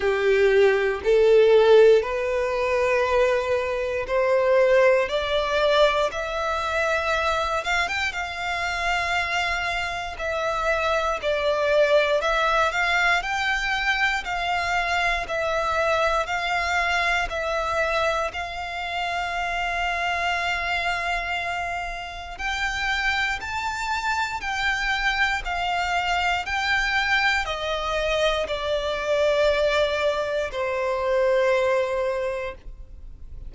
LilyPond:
\new Staff \with { instrumentName = "violin" } { \time 4/4 \tempo 4 = 59 g'4 a'4 b'2 | c''4 d''4 e''4. f''16 g''16 | f''2 e''4 d''4 | e''8 f''8 g''4 f''4 e''4 |
f''4 e''4 f''2~ | f''2 g''4 a''4 | g''4 f''4 g''4 dis''4 | d''2 c''2 | }